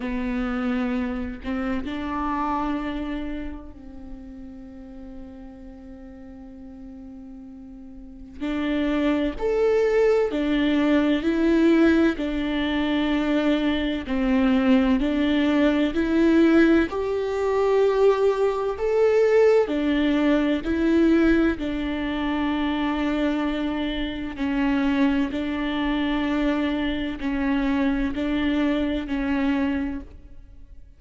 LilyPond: \new Staff \with { instrumentName = "viola" } { \time 4/4 \tempo 4 = 64 b4. c'8 d'2 | c'1~ | c'4 d'4 a'4 d'4 | e'4 d'2 c'4 |
d'4 e'4 g'2 | a'4 d'4 e'4 d'4~ | d'2 cis'4 d'4~ | d'4 cis'4 d'4 cis'4 | }